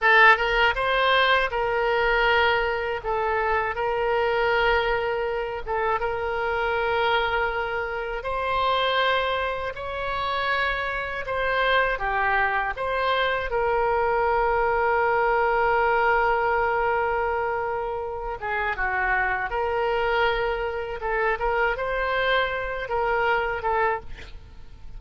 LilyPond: \new Staff \with { instrumentName = "oboe" } { \time 4/4 \tempo 4 = 80 a'8 ais'8 c''4 ais'2 | a'4 ais'2~ ais'8 a'8 | ais'2. c''4~ | c''4 cis''2 c''4 |
g'4 c''4 ais'2~ | ais'1~ | ais'8 gis'8 fis'4 ais'2 | a'8 ais'8 c''4. ais'4 a'8 | }